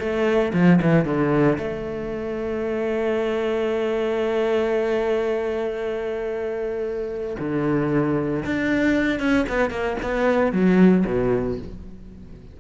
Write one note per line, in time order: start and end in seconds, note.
0.00 0.53 A3
0.54 0.80 F3
0.82 1.05 E3
1.05 1.58 D3
1.58 7.37 A3
7.40 8.45 D3
8.46 9.20 D4
9.20 9.46 C#4
9.49 9.71 B3
9.71 9.97 A#3
10.03 10.53 B3
10.53 11.05 F#3
11.07 11.59 B2